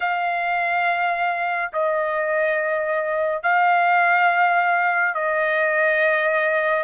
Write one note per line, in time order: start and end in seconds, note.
0.00 1.71 F5
1.73 3.42 D#5
3.42 5.14 F5
5.14 6.83 D#5